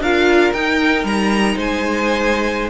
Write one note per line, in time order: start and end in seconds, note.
0.00 0.51 D4
0.00 0.55 F4
0.00 1.56 A#4
0.00 0.54 F5
0.54 1.04 D#4
0.54 2.70 D#4
0.54 1.05 G5
1.04 1.56 G3
1.04 1.58 A#5
1.56 2.70 G#3
1.56 2.70 C5
1.56 2.70 G#5